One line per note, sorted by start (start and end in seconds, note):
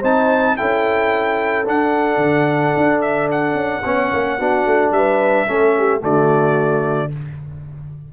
0.00 0.58 C4
0.00 0.58 D#4
0.00 0.55 C5
0.00 0.57 A5
0.57 1.68 C#4
0.57 1.65 E4
0.57 3.84 A4
0.57 1.66 G5
1.65 3.83 D4
1.65 2.17 D4
1.65 3.01 F#5
2.17 2.72 D3
2.77 3.55 D4
3.01 3.29 E5
3.32 4.92 F#5
3.55 3.82 C#4
3.84 4.13 B3
3.84 4.39 C#4
3.84 4.39 C#5
4.13 4.40 A#3
4.39 4.66 B3
4.39 5.48 D4
4.39 4.93 F#4
4.66 4.92 A3
4.92 5.46 G3
4.92 5.48 B4
4.92 6.01 E5
5.48 6.03 A3
5.48 6.01 C#4
5.48 5.75 A4
5.78 6.02 G4
6.01 7.13 D3
6.01 7.10 A3
6.01 7.11 F#4
6.01 7.13 D5